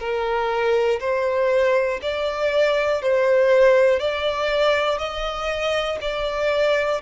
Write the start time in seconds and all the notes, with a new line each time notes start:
0.00 A#4
1.00 C5
2.03 D5
3.02 C5
4.00 D5
4.99 D#5
6.02 D5